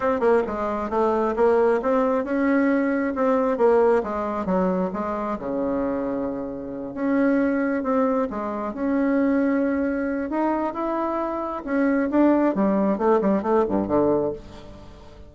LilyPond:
\new Staff \with { instrumentName = "bassoon" } { \time 4/4 \tempo 4 = 134 c'8 ais8 gis4 a4 ais4 | c'4 cis'2 c'4 | ais4 gis4 fis4 gis4 | cis2.~ cis8 cis'8~ |
cis'4. c'4 gis4 cis'8~ | cis'2. dis'4 | e'2 cis'4 d'4 | g4 a8 g8 a8 g,8 d4 | }